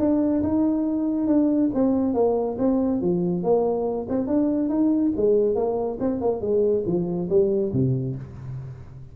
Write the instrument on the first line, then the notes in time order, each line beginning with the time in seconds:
tuba
0.00 D4
0.43 D#4
1.28 D4
1.75 C4
2.15 A#3
2.59 C4
3.02 F3
3.43 A#3
4.10 C4
4.28 D4
4.69 D#4
5.17 G#3
5.56 A#3
6.00 C4
6.21 A#3
6.42 G#3
6.86 F3
7.30 G3
7.73 C3